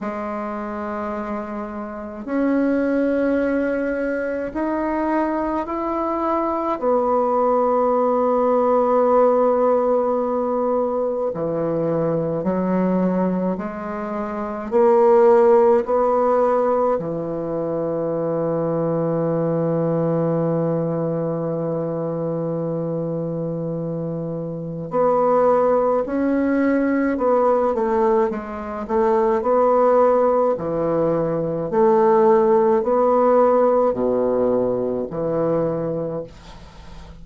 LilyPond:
\new Staff \with { instrumentName = "bassoon" } { \time 4/4 \tempo 4 = 53 gis2 cis'2 | dis'4 e'4 b2~ | b2 e4 fis4 | gis4 ais4 b4 e4~ |
e1~ | e2 b4 cis'4 | b8 a8 gis8 a8 b4 e4 | a4 b4 b,4 e4 | }